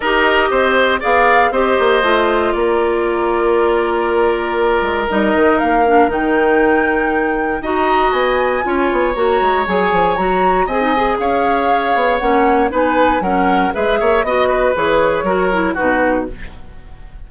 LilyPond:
<<
  \new Staff \with { instrumentName = "flute" } { \time 4/4 \tempo 4 = 118 dis''2 f''4 dis''4~ | dis''4 d''2.~ | d''2 dis''4 f''4 | g''2. ais''4 |
gis''2 ais''4 gis''4 | ais''4 gis''4 f''2 | fis''4 gis''4 fis''4 e''4 | dis''4 cis''2 b'4 | }
  \new Staff \with { instrumentName = "oboe" } { \time 4/4 ais'4 c''4 d''4 c''4~ | c''4 ais'2.~ | ais'1~ | ais'2. dis''4~ |
dis''4 cis''2.~ | cis''4 dis''4 cis''2~ | cis''4 b'4 ais'4 b'8 cis''8 | dis''8 b'4. ais'4 fis'4 | }
  \new Staff \with { instrumentName = "clarinet" } { \time 4/4 g'2 gis'4 g'4 | f'1~ | f'2 dis'4. d'8 | dis'2. fis'4~ |
fis'4 f'4 fis'4 gis'4 | fis'4 gis'16 dis'16 gis'2~ gis'8 | cis'4 dis'4 cis'4 gis'4 | fis'4 gis'4 fis'8 e'8 dis'4 | }
  \new Staff \with { instrumentName = "bassoon" } { \time 4/4 dis'4 c'4 b4 c'8 ais8 | a4 ais2.~ | ais4. gis8 g8 dis8 ais4 | dis2. dis'4 |
b4 cis'8 b8 ais8 gis8 fis8 f8 | fis4 c'4 cis'4. b8 | ais4 b4 fis4 gis8 ais8 | b4 e4 fis4 b,4 | }
>>